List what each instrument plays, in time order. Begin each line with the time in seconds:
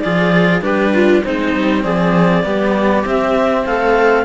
0.00 cello F3 F4, viola G#4, clarinet D5
0.62 cello G3 D4, viola G4, clarinet B4
0.94 viola F4
1.24 cello G#3 C4, viola D#4, clarinet C5
1.55 cello G3
1.84 cello F3, viola G#4, clarinet D5
2.44 cello G3 B3, viola G4
3.04 cello C4, clarinet E5
3.66 cello A3, viola A4, clarinet F5